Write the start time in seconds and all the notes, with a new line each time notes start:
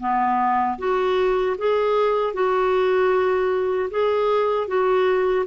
0.00 B3
0.79 F#4
1.58 G#4
2.34 F#4
3.90 G#4
4.68 F#4